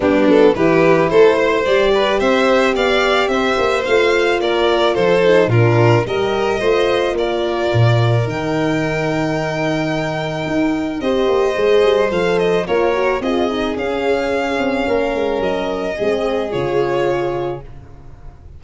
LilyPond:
<<
  \new Staff \with { instrumentName = "violin" } { \time 4/4 \tempo 4 = 109 g'8 a'8 b'4 c''4 d''4 | e''4 f''4 e''4 f''4 | d''4 c''4 ais'4 dis''4~ | dis''4 d''2 g''4~ |
g''1 | dis''2 f''8 dis''8 cis''4 | dis''4 f''2. | dis''2 cis''2 | }
  \new Staff \with { instrumentName = "violin" } { \time 4/4 d'4 g'4 a'8 c''4 b'8 | c''4 d''4 c''2 | ais'4 a'4 f'4 ais'4 | c''4 ais'2.~ |
ais'1 | c''2. ais'4 | gis'2. ais'4~ | ais'4 gis'2. | }
  \new Staff \with { instrumentName = "horn" } { \time 4/4 b4 e'2 g'4~ | g'2. f'4~ | f'4. dis'8 d'4 g'4 | f'2. dis'4~ |
dis'1 | g'4 gis'4 a'4 f'8 fis'8 | f'8 dis'8 cis'2.~ | cis'4 c'4 f'2 | }
  \new Staff \with { instrumentName = "tuba" } { \time 4/4 g8 fis8 e4 a4 g4 | c'4 b4 c'8 ais8 a4 | ais4 f4 ais,4 g4 | a4 ais4 ais,4 dis4~ |
dis2. dis'4 | c'8 ais8 gis8 g8 f4 ais4 | c'4 cis'4. c'8 ais8 gis8 | fis4 gis4 cis2 | }
>>